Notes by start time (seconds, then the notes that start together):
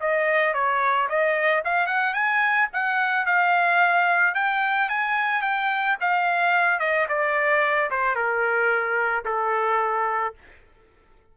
0.00 D#5
0.53 C#5
1.09 D#5
1.64 F5
1.86 F#5
2.14 G#5
2.73 F#5
3.26 F5
4.35 G5
4.89 G#5
5.42 G5
6.00 F5
6.79 D#5
7.08 D5
7.90 C5
8.15 A#4
9.25 A4